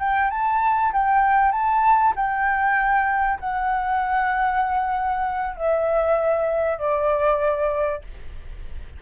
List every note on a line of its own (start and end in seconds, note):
0.00 0.31 G5
0.31 0.93 A5
0.93 1.52 G5
1.52 2.14 A5
2.16 3.40 G5
3.40 5.56 F#5
5.56 6.78 E5
6.78 8.02 D5